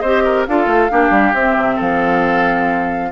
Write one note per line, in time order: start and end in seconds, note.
0.00 0.47 C4
0.00 0.48 G4
0.00 0.23 C5
0.00 0.44 D#5
0.25 0.47 A#4
0.47 0.66 D4
0.47 0.90 F4
0.47 0.91 A4
0.47 1.35 F5
0.66 0.89 A3
0.90 1.10 A#3
0.90 1.34 D4
0.90 1.76 G4
1.10 1.33 G3
1.34 1.56 C4
1.34 3.12 C4
1.34 1.80 E5
1.57 1.79 C3
1.76 3.12 F3
1.76 3.09 A4
1.76 3.12 F5